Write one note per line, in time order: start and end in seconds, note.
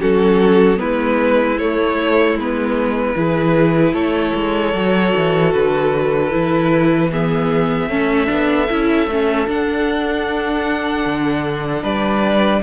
0.00 0.80 F#3
0.00 0.76 C#4
0.00 0.79 F#4
0.00 0.79 A4
0.76 1.58 G#3
0.76 1.55 B3
0.76 3.16 E4
0.76 1.58 B4
1.58 2.35 A3
1.58 2.39 A3
1.58 2.37 C#5
2.35 3.14 G#3
2.35 3.15 B3
2.35 3.94 B4
3.15 3.93 E3
3.15 4.73 E4
3.15 3.93 G#4
3.93 4.33 A3
3.93 7.09 A4
3.93 5.52 C#5
4.35 4.74 G#3
4.73 5.13 F#3
4.73 6.31 F#4
5.16 5.54 E3
5.53 6.33 D3
5.53 7.11 B4
6.31 7.88 E3
6.31 7.10 E4
7.12 7.89 B3
7.12 7.89 G#4
7.12 9.49 E5
7.88 8.28 A3
7.88 8.26 C#4
7.88 11.83 A4
8.26 8.70 B3
8.26 8.65 D4
8.70 9.07 C#4
8.70 9.09 E4
9.07 9.47 A3
9.07 9.47 C#4
9.47 12.62 D4
9.47 11.05 D4
9.47 11.83 F#5
11.05 11.83 D3
11.83 12.62 G3
11.83 12.62 B4
11.83 12.62 D5